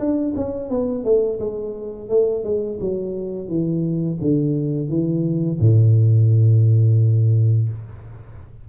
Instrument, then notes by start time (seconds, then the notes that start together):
tuba
0.00 D4
0.36 C#4
0.70 B3
1.05 A3
1.40 G#3
2.09 A3
2.44 G#3
2.81 F#3
3.49 E3
4.22 D3
4.89 E3
5.60 A2